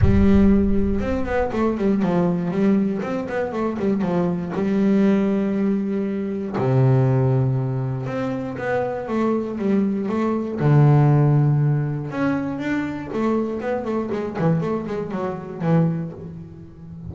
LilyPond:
\new Staff \with { instrumentName = "double bass" } { \time 4/4 \tempo 4 = 119 g2 c'8 b8 a8 g8 | f4 g4 c'8 b8 a8 g8 | f4 g2.~ | g4 c2. |
c'4 b4 a4 g4 | a4 d2. | cis'4 d'4 a4 b8 a8 | gis8 e8 a8 gis8 fis4 e4 | }